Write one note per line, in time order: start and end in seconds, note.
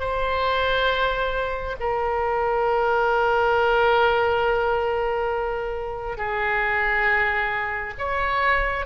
0.00 1.76 C5
1.80 6.18 A#4
6.18 7.94 G#4
7.99 8.86 C#5